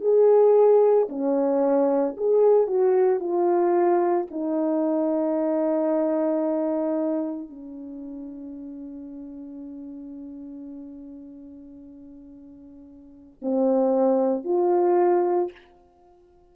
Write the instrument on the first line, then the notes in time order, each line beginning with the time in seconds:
horn
0.00 G#4
1.09 C#4
2.17 G#4
2.67 F#4
3.19 F4
4.31 D#4
7.49 C#4
13.41 C4
14.44 F4